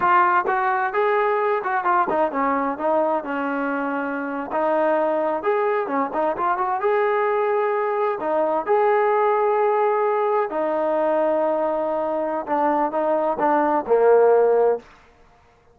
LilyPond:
\new Staff \with { instrumentName = "trombone" } { \time 4/4 \tempo 4 = 130 f'4 fis'4 gis'4. fis'8 | f'8 dis'8 cis'4 dis'4 cis'4~ | cis'4.~ cis'16 dis'2 gis'16~ | gis'8. cis'8 dis'8 f'8 fis'8 gis'4~ gis'16~ |
gis'4.~ gis'16 dis'4 gis'4~ gis'16~ | gis'2~ gis'8. dis'4~ dis'16~ | dis'2. d'4 | dis'4 d'4 ais2 | }